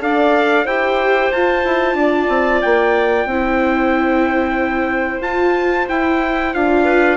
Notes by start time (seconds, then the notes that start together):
0.00 D4 A4 D5 F5
0.65 E4 G4 C5 G5
1.32 F4 A5
1.64 E4
1.94 D4
2.00 D5
2.29 C4
2.61 A#3 G5
3.25 C4 E4 C5
5.20 F4 A5
5.89 E4 G5
6.54 D4 F4 F5
6.84 B4